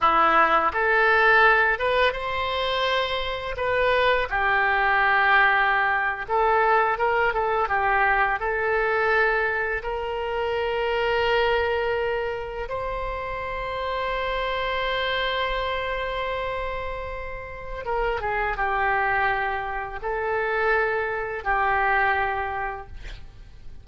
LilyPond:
\new Staff \with { instrumentName = "oboe" } { \time 4/4 \tempo 4 = 84 e'4 a'4. b'8 c''4~ | c''4 b'4 g'2~ | g'8. a'4 ais'8 a'8 g'4 a'16~ | a'4.~ a'16 ais'2~ ais'16~ |
ais'4.~ ais'16 c''2~ c''16~ | c''1~ | c''4 ais'8 gis'8 g'2 | a'2 g'2 | }